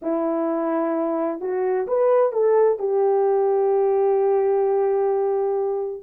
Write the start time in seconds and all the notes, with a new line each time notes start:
0.01 E4
1.40 F#4
1.87 B4
2.32 A4
2.78 G4